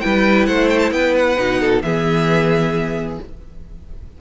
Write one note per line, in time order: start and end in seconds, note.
0.00 0.48 G3
0.00 1.36 E4
0.00 0.47 B4
0.00 0.45 G5
0.46 0.91 A3
0.46 0.92 C5
0.46 0.68 F#5
0.69 0.79 G5
0.79 0.90 A5
0.91 1.36 B3
0.91 1.60 B4
0.91 1.15 G5
1.16 1.82 F#5
1.36 1.82 B2
1.36 1.82 D#4
1.60 1.83 A4
1.82 3.19 E3
1.82 3.20 B3
1.82 3.21 G#4
1.82 3.18 E5